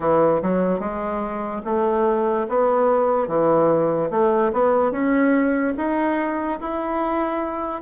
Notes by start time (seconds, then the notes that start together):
0.00 E3
0.41 F#3
0.79 G#3
1.64 A3
2.48 B3
3.27 E3
4.10 A3
4.52 B3
4.91 C#4
5.77 D#4
6.60 E4